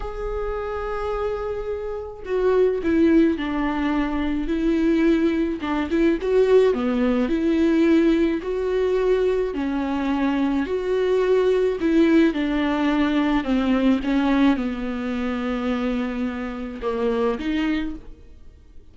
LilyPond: \new Staff \with { instrumentName = "viola" } { \time 4/4 \tempo 4 = 107 gis'1 | fis'4 e'4 d'2 | e'2 d'8 e'8 fis'4 | b4 e'2 fis'4~ |
fis'4 cis'2 fis'4~ | fis'4 e'4 d'2 | c'4 cis'4 b2~ | b2 ais4 dis'4 | }